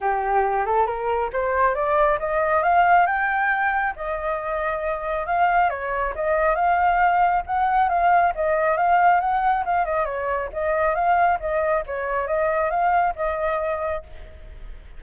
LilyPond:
\new Staff \with { instrumentName = "flute" } { \time 4/4 \tempo 4 = 137 g'4. a'8 ais'4 c''4 | d''4 dis''4 f''4 g''4~ | g''4 dis''2. | f''4 cis''4 dis''4 f''4~ |
f''4 fis''4 f''4 dis''4 | f''4 fis''4 f''8 dis''8 cis''4 | dis''4 f''4 dis''4 cis''4 | dis''4 f''4 dis''2 | }